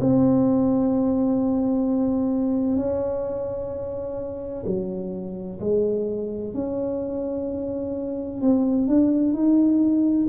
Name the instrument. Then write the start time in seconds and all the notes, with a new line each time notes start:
tuba
0.00 C4
2.76 C#4
4.66 F#3
5.60 G#3
6.54 C#4
8.41 C4
8.88 D4
9.33 D#4